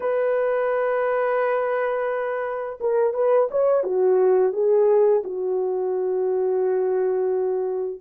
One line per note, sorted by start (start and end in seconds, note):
0.00 2.79 B4
2.80 3.13 A#4
3.13 3.48 B4
3.50 3.83 C#5
3.83 4.53 F#4
4.53 5.22 G#4
5.24 8.00 F#4